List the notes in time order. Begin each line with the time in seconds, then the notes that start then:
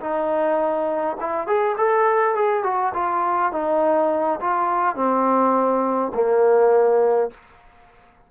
0.00 D#4
1.20 E4
1.47 G#4
1.77 A4
2.35 G#4
2.63 F#4
2.94 F4
3.52 D#4
4.41 F4
4.95 C4
6.14 A#3